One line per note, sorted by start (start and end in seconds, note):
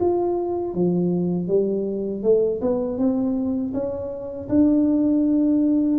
0.00 0.74 F4
0.74 1.48 F3
1.48 2.23 G3
2.23 2.60 A3
2.61 2.98 B3
2.98 3.73 C4
3.73 4.48 C#4
4.49 5.99 D4